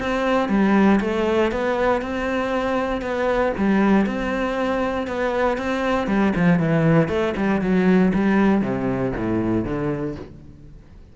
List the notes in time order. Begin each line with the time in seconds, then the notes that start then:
0.00 C4
0.49 G3
1.01 A3
1.52 B3
2.02 C4
3.02 B3
3.58 G3
4.06 C4
5.08 B3
5.58 C4
6.08 G3
6.36 F3
6.60 E3
7.09 A3
7.37 G3
7.62 F#3
8.14 G3
8.62 C3
9.17 A2
9.65 D3